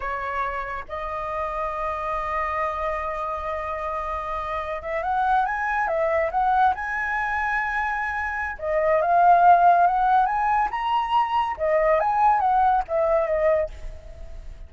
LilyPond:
\new Staff \with { instrumentName = "flute" } { \time 4/4 \tempo 4 = 140 cis''2 dis''2~ | dis''1~ | dis''2.~ dis''16 e''8 fis''16~ | fis''8. gis''4 e''4 fis''4 gis''16~ |
gis''1 | dis''4 f''2 fis''4 | gis''4 ais''2 dis''4 | gis''4 fis''4 e''4 dis''4 | }